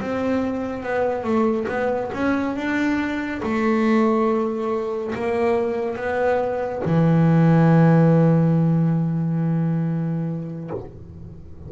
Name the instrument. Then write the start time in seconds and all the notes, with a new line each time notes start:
double bass
0.00 C4
0.83 B3
1.24 A3
1.68 B3
2.13 C#4
2.56 D4
3.43 A3
5.15 A#3
5.96 B3
6.85 E3